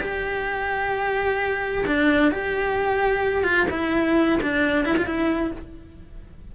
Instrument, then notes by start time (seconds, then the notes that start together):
cello
0.00 G4
1.86 D4
2.31 G4
3.43 F4
3.70 E4
4.42 D4
4.85 E4
4.97 F4
5.06 E4